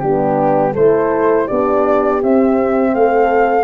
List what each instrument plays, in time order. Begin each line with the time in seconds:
0.00 tuba G3, horn B3 D4, flute G4
0.73 tuba A3, horn E4 A4, flute C5
1.46 tuba B3, horn D4 G4, flute D5
2.23 tuba C4, horn C4, flute E5
2.95 tuba A3, horn A4, flute F5